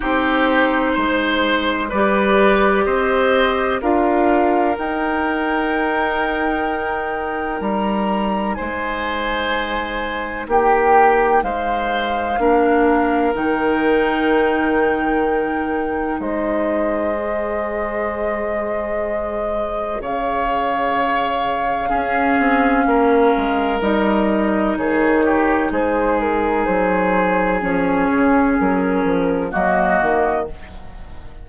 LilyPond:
<<
  \new Staff \with { instrumentName = "flute" } { \time 4/4 \tempo 4 = 63 c''2 d''4 dis''4 | f''4 g''2. | ais''4 gis''2 g''4 | f''2 g''2~ |
g''4 dis''2.~ | dis''4 f''2.~ | f''4 dis''4 cis''4 c''8 ais'8 | c''4 cis''4 ais'4 dis''4 | }
  \new Staff \with { instrumentName = "oboe" } { \time 4/4 g'4 c''4 b'4 c''4 | ais'1~ | ais'4 c''2 g'4 | c''4 ais'2.~ |
ais'4 c''2.~ | c''4 cis''2 gis'4 | ais'2 gis'8 g'8 gis'4~ | gis'2. fis'4 | }
  \new Staff \with { instrumentName = "clarinet" } { \time 4/4 dis'2 g'2 | f'4 dis'2.~ | dis'1~ | dis'4 d'4 dis'2~ |
dis'2 gis'2~ | gis'2. cis'4~ | cis'4 dis'2.~ | dis'4 cis'2 ais4 | }
  \new Staff \with { instrumentName = "bassoon" } { \time 4/4 c'4 gis4 g4 c'4 | d'4 dis'2. | g4 gis2 ais4 | gis4 ais4 dis2~ |
dis4 gis2.~ | gis4 cis2 cis'8 c'8 | ais8 gis8 g4 dis4 gis4 | fis4 f8 cis8 fis8 f8 fis8 dis8 | }
>>